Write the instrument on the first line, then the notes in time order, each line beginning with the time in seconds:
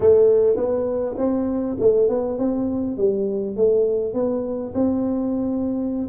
tuba
0.00 A3
0.56 B3
1.17 C4
1.80 A3
2.08 B3
2.38 C4
2.97 G3
3.56 A3
4.13 B3
4.74 C4